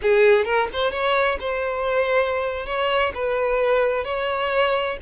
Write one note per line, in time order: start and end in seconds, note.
0.02 0.44 G#4
0.44 0.67 A#4
0.73 0.91 C5
0.91 1.37 C#5
1.40 2.66 C5
2.66 3.12 C#5
3.14 4.04 B4
4.04 4.97 C#5